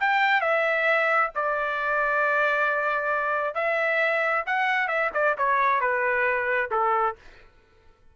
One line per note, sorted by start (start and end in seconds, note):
0.00 0.41 G5
0.41 1.31 E5
1.35 3.55 D5
3.55 4.44 E5
4.46 4.88 F#5
4.88 5.10 E5
5.14 5.36 D5
5.38 5.81 C#5
5.81 6.70 B4
6.71 7.16 A4